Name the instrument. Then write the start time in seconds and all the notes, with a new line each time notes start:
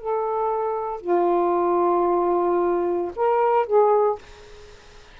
saxophone
0.00 A4
1.01 F4
3.16 A#4
3.66 G#4